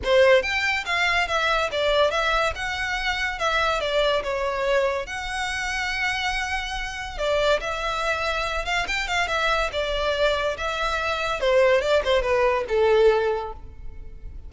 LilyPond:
\new Staff \with { instrumentName = "violin" } { \time 4/4 \tempo 4 = 142 c''4 g''4 f''4 e''4 | d''4 e''4 fis''2 | e''4 d''4 cis''2 | fis''1~ |
fis''4 d''4 e''2~ | e''8 f''8 g''8 f''8 e''4 d''4~ | d''4 e''2 c''4 | d''8 c''8 b'4 a'2 | }